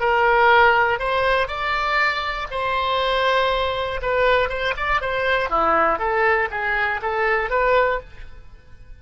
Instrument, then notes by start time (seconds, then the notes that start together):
oboe
0.00 A#4
0.99 C5
1.48 D5
2.51 C5
4.02 B4
4.49 C5
4.77 D5
5.01 C5
5.49 E4
5.98 A4
6.51 G#4
7.02 A4
7.50 B4